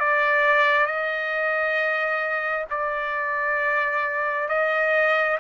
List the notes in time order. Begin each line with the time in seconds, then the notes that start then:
0.00 D5
0.87 D#5
2.71 D5
4.49 D#5